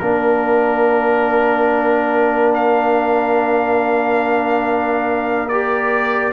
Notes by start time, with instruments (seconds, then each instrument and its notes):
0.00 tuba A#3, trombone D4, trumpet A#4, horn A#4
2.55 trumpet F5
5.49 trombone G4, trumpet D5